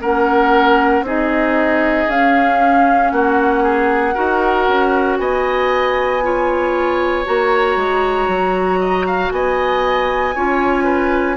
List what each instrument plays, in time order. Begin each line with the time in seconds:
0.00 bassoon A#3, clarinet C#4, oboe A#4, flute F#5
1.02 bassoon C4, clarinet D#4, oboe G#4, flute D#5
2.08 bassoon C#4, clarinet C#4, flute F5
3.10 bassoon A#3, oboe F#4, flute F#5
3.63 oboe G#4
4.14 bassoon D#4, clarinet F#4, oboe A#4
4.68 bassoon C#4
5.18 bassoon B3, oboe D#5, flute G#5
6.22 clarinet F4, oboe C#5
7.24 bassoon A#3, clarinet F#4, flute A#5
7.76 bassoon G#3
8.27 bassoon F#3
8.80 oboe D#5
9.06 oboe F5
9.31 bassoon B3, oboe D#5, flute G#5
10.35 bassoon C#4, clarinet F4, oboe C#5
10.84 oboe B4